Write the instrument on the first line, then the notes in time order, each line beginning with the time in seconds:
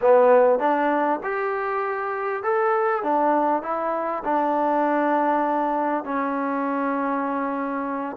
trombone
0.01 B3
0.59 D4
1.23 G4
2.43 A4
3.03 D4
3.62 E4
4.24 D4
6.04 C#4